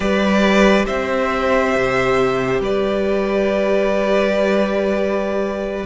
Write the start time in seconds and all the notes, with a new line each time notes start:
0.00 G3 G4 B4 D5
0.86 C4 C5 E5
1.75 C3
2.60 G3 B4 D5